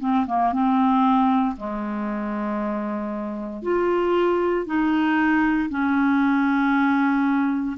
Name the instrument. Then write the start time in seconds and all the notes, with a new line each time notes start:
clarinet
0.00 C4
0.26 A#3
0.52 C4
1.57 G#3
3.63 F4
4.66 D#4
5.69 C#4